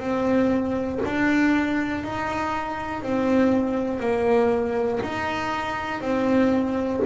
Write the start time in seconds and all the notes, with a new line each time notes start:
0.00 C4
1.05 D4
2.05 D#4
3.03 C4
4.00 A#3
5.03 D#4
6.02 C4